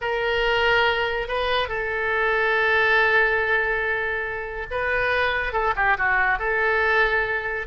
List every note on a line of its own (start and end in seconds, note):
0.01 1.28 A#4
1.28 1.68 B4
1.68 4.66 A4
4.70 5.52 B4
5.52 5.74 A4
5.76 5.97 G4
5.97 6.38 F#4
6.38 7.66 A4